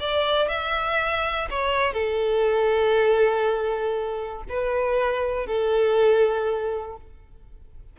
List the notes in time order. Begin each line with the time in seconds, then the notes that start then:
0.00 D5
0.48 E5
1.50 C#5
1.94 A4
4.49 B4
5.47 A4